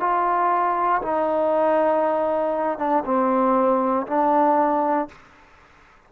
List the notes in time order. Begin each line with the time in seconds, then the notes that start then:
0.00 F4
1.02 D#4
2.78 D4
3.05 C4
4.07 D4